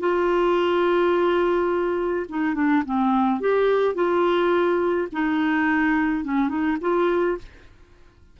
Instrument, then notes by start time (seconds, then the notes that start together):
clarinet
0.00 F4
2.30 D#4
2.55 D4
2.86 C4
3.41 G4
3.95 F4
5.13 D#4
6.24 C#4
6.49 D#4
6.82 F4